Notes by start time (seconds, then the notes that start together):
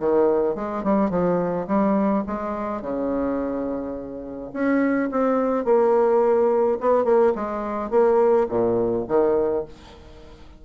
0.00 D#3
0.56 G#3
0.84 G3
1.10 F3
1.67 G3
2.27 G#3
2.82 C#3
4.53 C#4
5.11 C4
5.65 A#3
6.81 B3
7.05 A#3
7.35 G#3
7.91 A#3
8.49 A#2
9.08 D#3